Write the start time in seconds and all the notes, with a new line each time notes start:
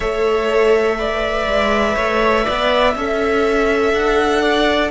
0.00 A3 A4 C#5 E5
0.98 B4 D5
1.47 G#3
1.95 A3 C#5
2.44 B3 D5
2.95 C#4 A4 E5
3.93 D4 F#5
4.41 D5